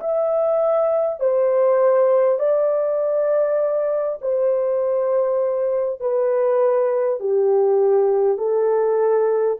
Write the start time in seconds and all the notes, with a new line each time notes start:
0.00 E5
1.20 C5
2.39 D5
4.22 C5
6.00 B4
7.20 G4
8.38 A4